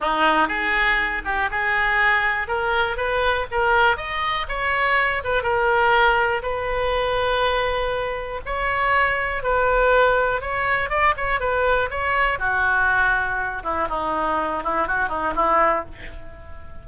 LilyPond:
\new Staff \with { instrumentName = "oboe" } { \time 4/4 \tempo 4 = 121 dis'4 gis'4. g'8 gis'4~ | gis'4 ais'4 b'4 ais'4 | dis''4 cis''4. b'8 ais'4~ | ais'4 b'2.~ |
b'4 cis''2 b'4~ | b'4 cis''4 d''8 cis''8 b'4 | cis''4 fis'2~ fis'8 e'8 | dis'4. e'8 fis'8 dis'8 e'4 | }